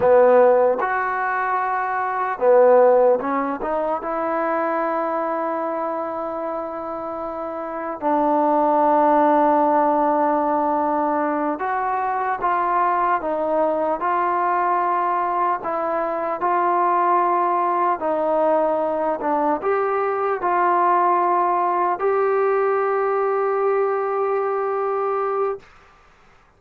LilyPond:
\new Staff \with { instrumentName = "trombone" } { \time 4/4 \tempo 4 = 75 b4 fis'2 b4 | cis'8 dis'8 e'2.~ | e'2 d'2~ | d'2~ d'8 fis'4 f'8~ |
f'8 dis'4 f'2 e'8~ | e'8 f'2 dis'4. | d'8 g'4 f'2 g'8~ | g'1 | }